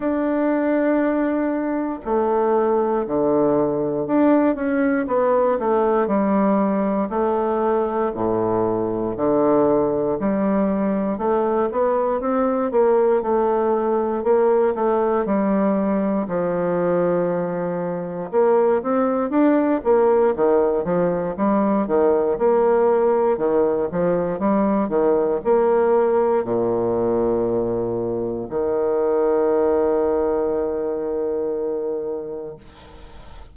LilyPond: \new Staff \with { instrumentName = "bassoon" } { \time 4/4 \tempo 4 = 59 d'2 a4 d4 | d'8 cis'8 b8 a8 g4 a4 | a,4 d4 g4 a8 b8 | c'8 ais8 a4 ais8 a8 g4 |
f2 ais8 c'8 d'8 ais8 | dis8 f8 g8 dis8 ais4 dis8 f8 | g8 dis8 ais4 ais,2 | dis1 | }